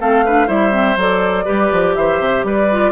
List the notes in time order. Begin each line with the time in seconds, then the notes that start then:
0.00 A3 C4 A4 F5
0.25 D4 B4
0.47 G3 E4 C5 E5
0.72 C4
0.97 F#3 A4 D5
1.45 G3 G4 B4
1.72 F3
1.95 E3 C5 E5
2.20 C3
2.44 G3 B4 D5
2.71 F4